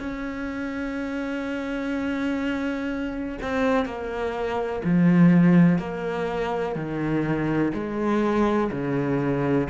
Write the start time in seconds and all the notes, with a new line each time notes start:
0.00 C#4
3.42 C4
3.86 A#3
4.85 F3
5.79 A#3
6.76 D#3
7.74 G#3
8.72 C#3